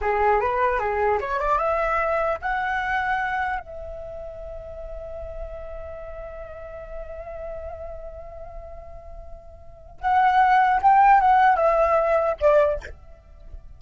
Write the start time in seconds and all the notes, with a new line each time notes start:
0.01 G#4
0.40 B4
0.79 G#4
1.20 C#5
1.39 D5
1.58 E5
2.41 F#5
3.59 E5
10.01 F#5
10.82 G5
11.20 F#5
11.56 E5
12.40 D5